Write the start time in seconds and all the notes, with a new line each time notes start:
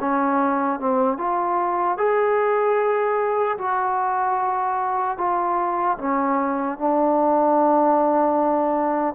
0.00 C#4
0.80 C4
1.17 F4
1.97 G#4
3.58 F#4
5.17 F4
5.98 C#4
6.78 D4